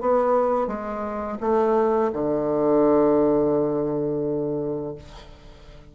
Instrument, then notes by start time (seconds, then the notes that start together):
bassoon
0.00 B3
0.67 G#3
1.40 A3
2.12 D3